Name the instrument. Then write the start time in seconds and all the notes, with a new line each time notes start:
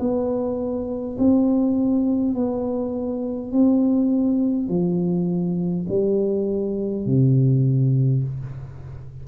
tuba
0.00 B3
1.19 C4
2.35 B3
3.52 C4
4.68 F3
5.89 G3
7.06 C3